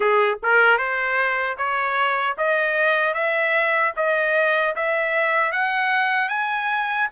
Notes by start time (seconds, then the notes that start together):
0.00 G#4
0.42 A#4
0.78 C5
1.57 C#5
2.37 D#5
3.14 E5
3.96 D#5
4.75 E5
5.52 F#5
6.28 G#5